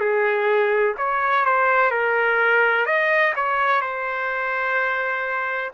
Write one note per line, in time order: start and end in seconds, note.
0.00 0.95 G#4
0.97 1.45 C#5
1.45 1.91 C5
1.91 2.86 A#4
2.86 3.33 D#5
3.35 3.81 C#5
3.81 5.71 C5